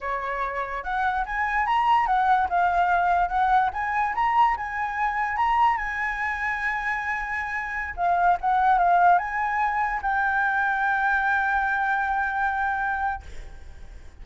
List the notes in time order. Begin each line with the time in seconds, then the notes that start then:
0.00 C#5
0.83 F#5
1.25 G#5
1.66 A#5
2.06 F#5
2.49 F5
3.28 F#5
3.73 G#5
4.15 A#5
4.56 G#5
5.37 A#5
5.77 G#5
7.96 F5
8.40 F#5
8.78 F5
9.18 G#5
10.02 G5